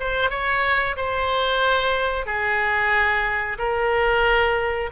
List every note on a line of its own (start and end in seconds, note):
0.00 0.30 C5
0.30 0.96 C#5
0.97 2.26 C5
2.26 3.58 G#4
3.58 4.90 A#4